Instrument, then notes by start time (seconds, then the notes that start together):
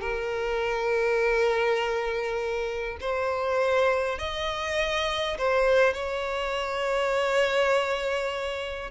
violin
0.00 A#4
3.00 C5
4.18 D#5
5.37 C5
5.93 C#5